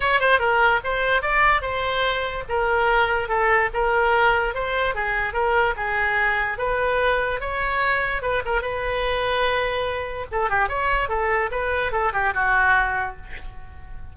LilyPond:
\new Staff \with { instrumentName = "oboe" } { \time 4/4 \tempo 4 = 146 cis''8 c''8 ais'4 c''4 d''4 | c''2 ais'2 | a'4 ais'2 c''4 | gis'4 ais'4 gis'2 |
b'2 cis''2 | b'8 ais'8 b'2.~ | b'4 a'8 g'8 cis''4 a'4 | b'4 a'8 g'8 fis'2 | }